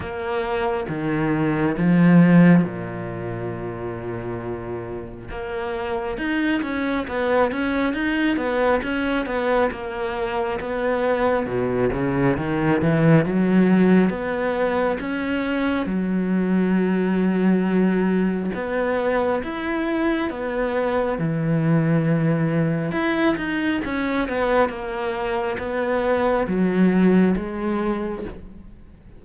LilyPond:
\new Staff \with { instrumentName = "cello" } { \time 4/4 \tempo 4 = 68 ais4 dis4 f4 ais,4~ | ais,2 ais4 dis'8 cis'8 | b8 cis'8 dis'8 b8 cis'8 b8 ais4 | b4 b,8 cis8 dis8 e8 fis4 |
b4 cis'4 fis2~ | fis4 b4 e'4 b4 | e2 e'8 dis'8 cis'8 b8 | ais4 b4 fis4 gis4 | }